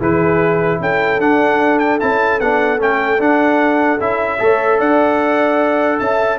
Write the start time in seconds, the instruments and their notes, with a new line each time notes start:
0.00 tuba E3, trombone E4, horn G#4, trumpet B4
0.80 tuba C#4, horn A4, trumpet G5
1.20 tuba D4, trombone D4, trumpet F#5
1.80 trumpet G5
2.00 tuba C#4, trombone E4, trumpet A5
2.41 tuba B3, trombone D4, trumpet F#5
2.79 tuba A3, trombone C#4, trumpet G5
3.20 trombone D4, tuba D4, trumpet F#5
4.00 tuba C#4, trombone E4, trumpet E5
4.39 tuba A3, trombone A4, horn C#5
4.79 tuba D4, horn D5, trumpet F#5
6.00 tuba C#4, horn E5, trumpet A5